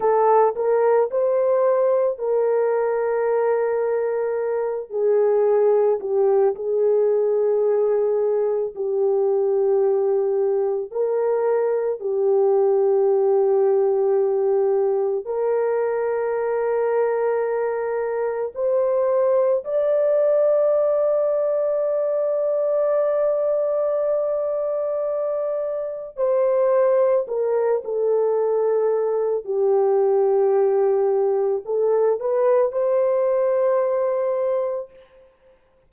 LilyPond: \new Staff \with { instrumentName = "horn" } { \time 4/4 \tempo 4 = 55 a'8 ais'8 c''4 ais'2~ | ais'8 gis'4 g'8 gis'2 | g'2 ais'4 g'4~ | g'2 ais'2~ |
ais'4 c''4 d''2~ | d''1 | c''4 ais'8 a'4. g'4~ | g'4 a'8 b'8 c''2 | }